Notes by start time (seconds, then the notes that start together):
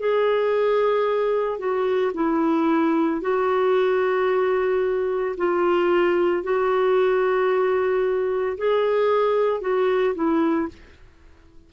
0.00 G#4
1.59 F#4
2.14 E4
3.21 F#4
5.38 F4
6.43 F#4
8.58 G#4
9.61 F#4
10.15 E4